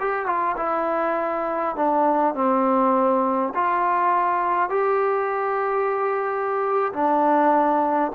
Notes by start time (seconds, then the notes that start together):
0.00 G4
0.26 F4
0.57 E4
1.76 D4
2.35 C4
3.55 F4
4.70 G4
6.93 D4